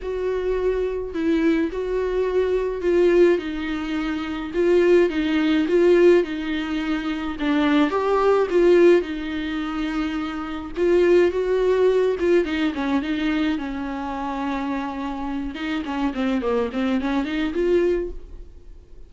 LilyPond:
\new Staff \with { instrumentName = "viola" } { \time 4/4 \tempo 4 = 106 fis'2 e'4 fis'4~ | fis'4 f'4 dis'2 | f'4 dis'4 f'4 dis'4~ | dis'4 d'4 g'4 f'4 |
dis'2. f'4 | fis'4. f'8 dis'8 cis'8 dis'4 | cis'2.~ cis'8 dis'8 | cis'8 c'8 ais8 c'8 cis'8 dis'8 f'4 | }